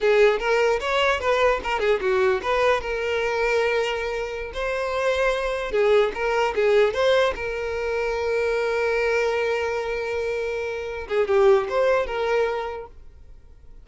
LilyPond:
\new Staff \with { instrumentName = "violin" } { \time 4/4 \tempo 4 = 149 gis'4 ais'4 cis''4 b'4 | ais'8 gis'8 fis'4 b'4 ais'4~ | ais'2.~ ais'16 c''8.~ | c''2~ c''16 gis'4 ais'8.~ |
ais'16 gis'4 c''4 ais'4.~ ais'16~ | ais'1~ | ais'2.~ ais'8 gis'8 | g'4 c''4 ais'2 | }